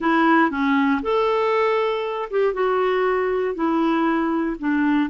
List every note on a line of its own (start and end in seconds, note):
0.00 0.50 E4
0.50 1.01 C#4
1.02 2.29 A4
2.30 2.53 G4
2.53 3.54 F#4
3.54 4.56 E4
4.59 5.10 D4